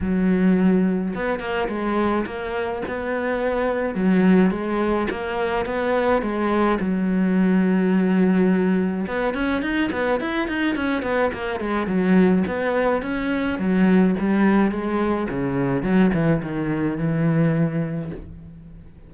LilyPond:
\new Staff \with { instrumentName = "cello" } { \time 4/4 \tempo 4 = 106 fis2 b8 ais8 gis4 | ais4 b2 fis4 | gis4 ais4 b4 gis4 | fis1 |
b8 cis'8 dis'8 b8 e'8 dis'8 cis'8 b8 | ais8 gis8 fis4 b4 cis'4 | fis4 g4 gis4 cis4 | fis8 e8 dis4 e2 | }